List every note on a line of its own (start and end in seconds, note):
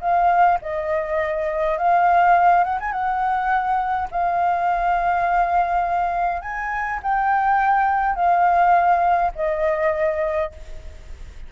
0.00 0.58 F5
0.61 1.78 D#5
1.78 2.63 F5
2.63 2.78 F#5
2.80 2.92 G#5
2.92 4.08 F#5
4.11 6.41 F5
6.41 7.00 G#5
7.02 8.15 G5
8.15 9.31 F5
9.35 10.51 D#5